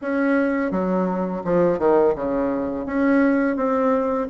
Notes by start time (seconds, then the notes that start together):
0.01 C#4
0.71 F#3
1.44 F3
1.79 D#3
2.15 C#3
2.85 C#4
3.56 C4